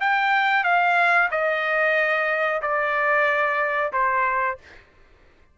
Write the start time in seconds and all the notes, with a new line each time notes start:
0.00 G5
0.63 F5
1.30 D#5
2.61 D5
3.92 C5